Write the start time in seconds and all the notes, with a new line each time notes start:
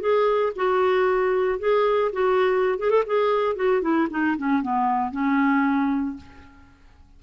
0.00 G#4
0.56 F#4
1.59 G#4
2.12 F#4
2.78 G#4
2.90 A4
3.06 G#4
3.56 F#4
3.81 E4
4.10 D#4
4.37 C#4
4.62 B3
5.11 C#4